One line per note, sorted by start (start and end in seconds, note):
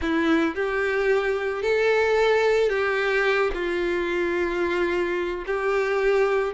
0.01 0.55 E4
0.55 1.62 G4
1.62 2.69 A4
2.69 3.51 G4
3.53 5.44 F4
5.46 6.53 G4